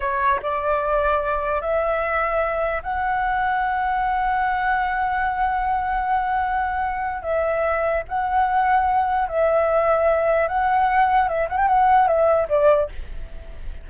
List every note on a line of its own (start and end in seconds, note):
0.00 0.39 C#5
0.42 1.61 D5
1.61 2.82 E5
2.82 7.22 F#5
7.22 8.03 E5
8.08 9.28 F#5
9.28 10.48 E5
10.48 11.28 F#5
11.28 11.48 E5
11.49 11.57 F#5
11.57 11.67 G5
11.67 12.07 F#5
12.07 12.48 E5
12.48 12.89 D5